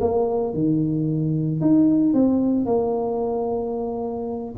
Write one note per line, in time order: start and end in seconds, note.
0.00 0.53 A#3
0.53 1.60 D#3
1.60 2.14 D#4
2.14 2.65 C4
2.65 4.54 A#3